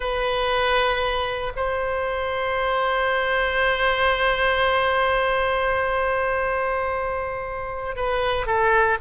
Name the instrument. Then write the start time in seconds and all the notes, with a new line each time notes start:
oboe
0.00 B4
1.55 C5
7.96 B4
8.46 A4